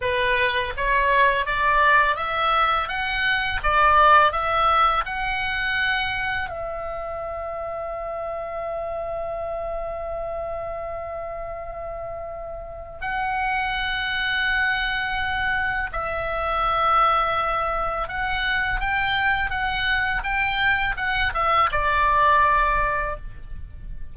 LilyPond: \new Staff \with { instrumentName = "oboe" } { \time 4/4 \tempo 4 = 83 b'4 cis''4 d''4 e''4 | fis''4 d''4 e''4 fis''4~ | fis''4 e''2.~ | e''1~ |
e''2 fis''2~ | fis''2 e''2~ | e''4 fis''4 g''4 fis''4 | g''4 fis''8 e''8 d''2 | }